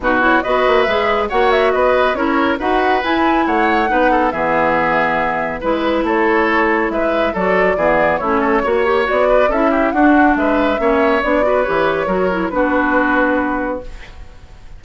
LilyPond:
<<
  \new Staff \with { instrumentName = "flute" } { \time 4/4 \tempo 4 = 139 b'8 cis''8 dis''4 e''4 fis''8 e''8 | dis''4 cis''4 fis''4 gis''4 | fis''2 e''2~ | e''4 b'4 cis''2 |
e''4 d''2 cis''4~ | cis''4 d''4 e''4 fis''4 | e''2 d''4 cis''4~ | cis''4 b'2. | }
  \new Staff \with { instrumentName = "oboe" } { \time 4/4 fis'4 b'2 cis''4 | b'4 ais'4 b'2 | cis''4 b'8 a'8 gis'2~ | gis'4 b'4 a'2 |
b'4 a'4 gis'4 e'8 a'8 | cis''4. b'8 a'8 g'8 fis'4 | b'4 cis''4. b'4. | ais'4 fis'2. | }
  \new Staff \with { instrumentName = "clarinet" } { \time 4/4 dis'8 e'8 fis'4 gis'4 fis'4~ | fis'4 e'4 fis'4 e'4~ | e'4 dis'4 b2~ | b4 e'2.~ |
e'4 fis'4 b4 cis'4 | fis'8 g'8 fis'4 e'4 d'4~ | d'4 cis'4 d'8 fis'8 g'4 | fis'8 e'8 d'2. | }
  \new Staff \with { instrumentName = "bassoon" } { \time 4/4 b,4 b8 ais8 gis4 ais4 | b4 cis'4 dis'4 e'4 | a4 b4 e2~ | e4 gis4 a2 |
gis4 fis4 e4 a4 | ais4 b4 cis'4 d'4 | gis4 ais4 b4 e4 | fis4 b2. | }
>>